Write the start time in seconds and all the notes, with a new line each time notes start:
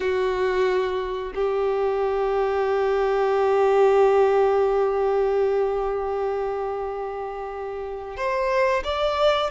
0.00 F#4
1.34 G4
8.16 C5
8.84 D5